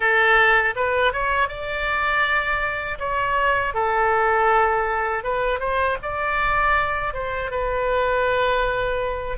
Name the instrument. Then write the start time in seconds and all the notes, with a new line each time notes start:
oboe
0.00 A4
0.75 B4
1.12 C#5
1.48 D5
2.99 C#5
3.73 A4
5.23 B4
5.59 C5
6.02 D5
7.13 C5
7.50 B4